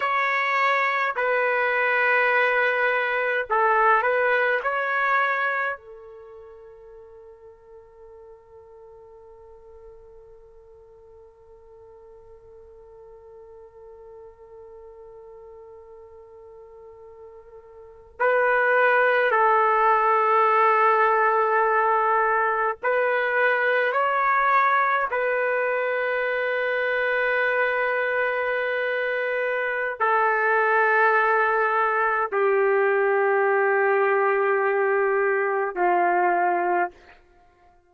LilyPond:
\new Staff \with { instrumentName = "trumpet" } { \time 4/4 \tempo 4 = 52 cis''4 b'2 a'8 b'8 | cis''4 a'2.~ | a'1~ | a'2.~ a'8. b'16~ |
b'8. a'2. b'16~ | b'8. cis''4 b'2~ b'16~ | b'2 a'2 | g'2. f'4 | }